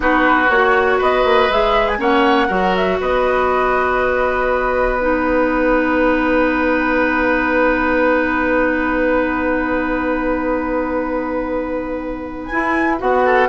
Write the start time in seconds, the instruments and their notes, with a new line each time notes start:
0.00 bassoon B3, clarinet D#4, oboe F#4, flute B4
0.49 bassoon A#3, clarinet F#4, flute C#5
0.98 bassoon B3, oboe B4, flute D#5
1.24 bassoon A#3
1.49 bassoon G#3, clarinet G#4, flute E5
1.88 flute G#5
1.97 bassoon A#3, clarinet C#4, oboe C#5, flute F#5
2.47 bassoon F#3, clarinet F#4, oboe A#4
2.75 flute E5
3.00 bassoon B3, oboe B4, flute D#5
4.99 clarinet D#4, flute F#5
12.45 clarinet E4, flute G#5
12.52 bassoon E4
12.97 bassoon B3, clarinet F#4, flute F#5
13.25 oboe A4